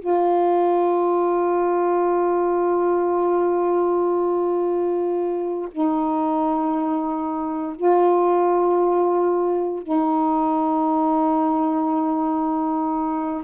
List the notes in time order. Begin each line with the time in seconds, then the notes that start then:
0.00 F4
5.72 D#4
7.76 F4
9.83 D#4